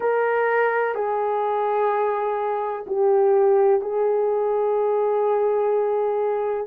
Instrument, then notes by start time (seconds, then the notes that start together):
horn
0.00 A#4
0.94 G#4
2.87 G4
3.81 G#4